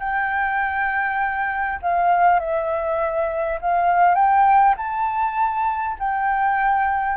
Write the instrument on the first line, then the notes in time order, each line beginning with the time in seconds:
flute
0.00 G5
1.82 F5
2.40 E5
3.62 F5
4.15 G5
4.77 A5
5.99 G5